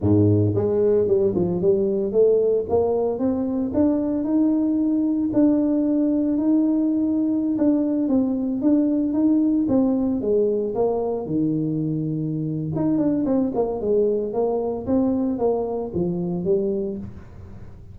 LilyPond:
\new Staff \with { instrumentName = "tuba" } { \time 4/4 \tempo 4 = 113 gis,4 gis4 g8 f8 g4 | a4 ais4 c'4 d'4 | dis'2 d'2 | dis'2~ dis'16 d'4 c'8.~ |
c'16 d'4 dis'4 c'4 gis8.~ | gis16 ais4 dis2~ dis8. | dis'8 d'8 c'8 ais8 gis4 ais4 | c'4 ais4 f4 g4 | }